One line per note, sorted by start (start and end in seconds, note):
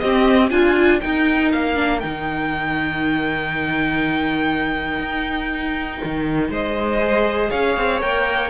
0.00 0.51 C4
0.00 0.52 G4
0.00 0.50 D#5
0.51 1.01 D4
0.51 1.01 F4
0.51 1.01 G#5
1.01 1.75 D#4
1.01 1.54 D#4
1.01 6.51 A#4
1.01 1.51 G5
1.52 2.04 A#3
1.52 2.00 F5
1.75 2.00 D4
2.00 4.99 D#3
2.00 7.01 D#4
2.00 6.50 G5
4.99 5.99 D#4
6.05 6.50 D#3
6.50 7.50 G#3
6.50 7.51 C5
6.50 7.51 D#5
7.01 8.01 G#4
7.51 7.77 C#4
7.51 8.51 C#5
7.51 8.01 F5
7.77 8.02 C4
8.01 8.51 A#3
8.01 8.51 A#4
8.01 8.51 G5